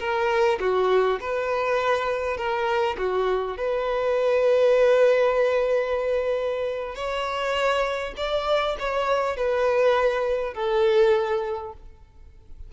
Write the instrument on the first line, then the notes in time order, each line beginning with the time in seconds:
violin
0.00 A#4
0.60 F#4
1.21 B4
2.37 A#4
2.98 F#4
3.58 B4
6.96 C#5
8.17 D5
8.79 C#5
9.37 B4
10.54 A4